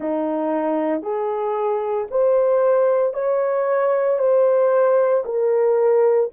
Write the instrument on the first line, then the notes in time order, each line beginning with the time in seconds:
horn
0.00 D#4
1.02 G#4
2.11 C5
3.13 C#5
4.18 C5
5.24 A#4